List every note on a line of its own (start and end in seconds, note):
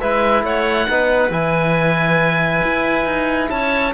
0.00 0.43 G#3
0.00 0.90 E4
0.00 0.44 B4
0.00 0.44 E5
0.43 0.87 A3
0.43 0.89 C#5
0.43 1.32 F#5
0.89 1.30 B3
0.89 1.30 D#4
0.89 3.51 B4
1.30 2.62 E3
1.30 3.93 E4
1.30 3.50 G#5
2.64 3.05 E4
3.05 3.49 D#4
3.50 3.94 C#4
3.50 3.94 C#5
3.50 3.94 A5